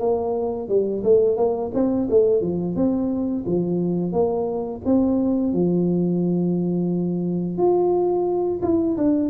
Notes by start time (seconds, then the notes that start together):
0.00 A#3
0.69 G3
1.04 A3
1.37 A#3
1.74 C4
2.10 A3
2.42 F3
2.76 C4
3.46 F3
4.13 A#3
4.85 C4
5.54 F3
7.58 F4
8.62 E4
8.97 D4